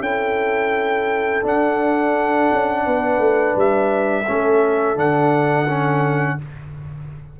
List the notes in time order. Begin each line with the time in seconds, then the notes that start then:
0.00 C#4 E4 A4 G5
1.42 D4 F#5
2.52 C#4
2.85 B3 B4
3.19 A3
3.56 G3 E5
4.26 A3 C#4 A4
4.96 D3 D4 F#5
5.68 C#4